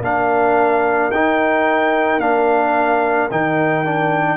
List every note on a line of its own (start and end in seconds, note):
0.00 1.09 A#3
0.00 1.12 D4
0.00 4.37 A#4
0.00 1.11 F5
1.10 2.18 D#4
1.10 2.20 D#4
1.10 2.20 G5
2.18 3.27 A#3
2.18 3.29 D4
2.18 3.29 F5
3.31 4.37 D#3
3.31 3.85 D#4
3.31 4.37 G5
3.85 4.37 D4